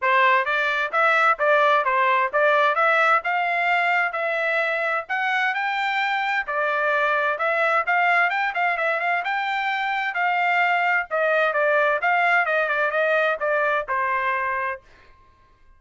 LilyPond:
\new Staff \with { instrumentName = "trumpet" } { \time 4/4 \tempo 4 = 130 c''4 d''4 e''4 d''4 | c''4 d''4 e''4 f''4~ | f''4 e''2 fis''4 | g''2 d''2 |
e''4 f''4 g''8 f''8 e''8 f''8 | g''2 f''2 | dis''4 d''4 f''4 dis''8 d''8 | dis''4 d''4 c''2 | }